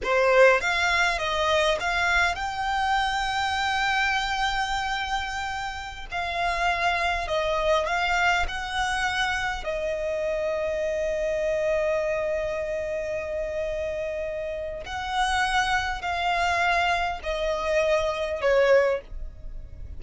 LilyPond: \new Staff \with { instrumentName = "violin" } { \time 4/4 \tempo 4 = 101 c''4 f''4 dis''4 f''4 | g''1~ | g''2~ g''16 f''4.~ f''16~ | f''16 dis''4 f''4 fis''4.~ fis''16~ |
fis''16 dis''2.~ dis''8.~ | dis''1~ | dis''4 fis''2 f''4~ | f''4 dis''2 cis''4 | }